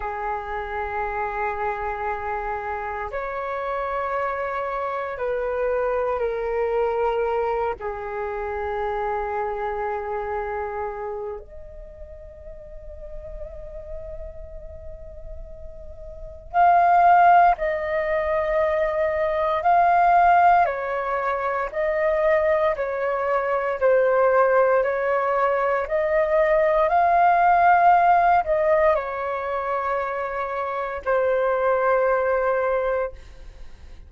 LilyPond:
\new Staff \with { instrumentName = "flute" } { \time 4/4 \tempo 4 = 58 gis'2. cis''4~ | cis''4 b'4 ais'4. gis'8~ | gis'2. dis''4~ | dis''1 |
f''4 dis''2 f''4 | cis''4 dis''4 cis''4 c''4 | cis''4 dis''4 f''4. dis''8 | cis''2 c''2 | }